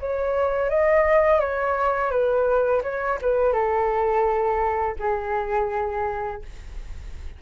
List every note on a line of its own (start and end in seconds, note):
0.00 0.70 C#5
0.70 1.41 D#5
1.41 2.11 C#5
2.11 2.82 B4
2.83 3.19 C#5
3.22 3.53 B4
3.53 4.96 A4
5.00 6.43 G#4